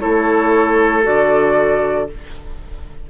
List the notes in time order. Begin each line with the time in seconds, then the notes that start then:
0.00 A3 E4 A4 C#5
1.03 D3 F#4 D5